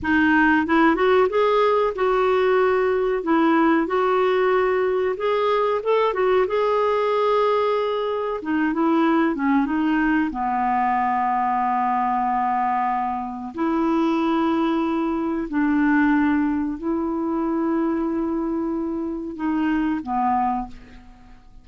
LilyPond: \new Staff \with { instrumentName = "clarinet" } { \time 4/4 \tempo 4 = 93 dis'4 e'8 fis'8 gis'4 fis'4~ | fis'4 e'4 fis'2 | gis'4 a'8 fis'8 gis'2~ | gis'4 dis'8 e'4 cis'8 dis'4 |
b1~ | b4 e'2. | d'2 e'2~ | e'2 dis'4 b4 | }